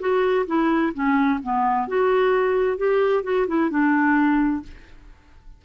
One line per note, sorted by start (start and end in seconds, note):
0.00 0.46 F#4
0.47 0.93 E4
0.94 1.40 C#4
1.43 1.88 B3
1.88 2.78 F#4
2.78 3.24 G4
3.24 3.47 F#4
3.47 3.70 E4
3.70 4.63 D4